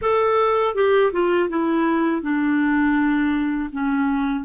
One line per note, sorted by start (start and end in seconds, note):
0.01 0.74 A4
0.74 1.11 G4
1.12 1.49 F4
1.49 2.22 E4
2.22 3.70 D4
3.72 4.44 C#4